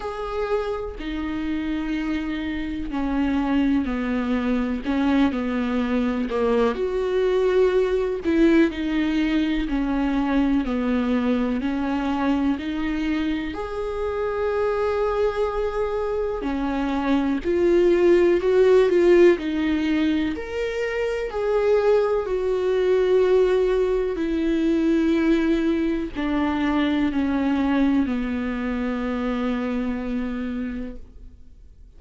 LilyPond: \new Staff \with { instrumentName = "viola" } { \time 4/4 \tempo 4 = 62 gis'4 dis'2 cis'4 | b4 cis'8 b4 ais8 fis'4~ | fis'8 e'8 dis'4 cis'4 b4 | cis'4 dis'4 gis'2~ |
gis'4 cis'4 f'4 fis'8 f'8 | dis'4 ais'4 gis'4 fis'4~ | fis'4 e'2 d'4 | cis'4 b2. | }